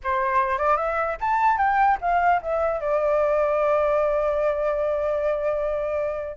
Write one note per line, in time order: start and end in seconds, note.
0.03 0.58 C5
0.58 0.76 D5
0.76 1.16 E5
1.20 1.57 A5
1.57 1.97 G5
2.01 2.41 F5
2.42 2.80 E5
2.80 6.37 D5